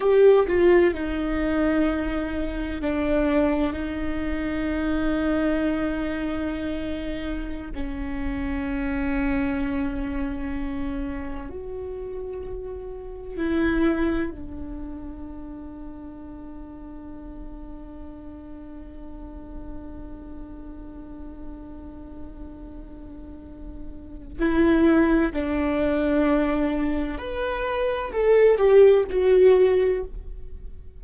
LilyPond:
\new Staff \with { instrumentName = "viola" } { \time 4/4 \tempo 4 = 64 g'8 f'8 dis'2 d'4 | dis'1~ | dis'16 cis'2.~ cis'8.~ | cis'16 fis'2 e'4 d'8.~ |
d'1~ | d'1~ | d'2 e'4 d'4~ | d'4 b'4 a'8 g'8 fis'4 | }